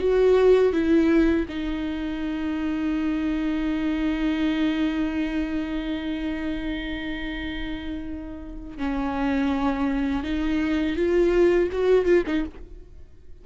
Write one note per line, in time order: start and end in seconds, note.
0.00 0.73 F#4
0.73 1.46 E4
1.49 8.78 D#4
8.78 10.24 C#4
10.24 10.97 D#4
10.97 11.70 F4
11.72 12.06 F#4
12.06 12.24 F4
12.27 12.45 D#4